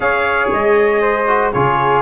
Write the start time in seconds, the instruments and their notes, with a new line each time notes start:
0.00 tuba C#4, trombone G#4, flute C#5, trumpet F5
0.51 tuba G#3, trumpet D#5
1.01 flute C5
1.27 trombone F#4
1.52 tuba C#3, trombone F4, flute G#4, trumpet C#5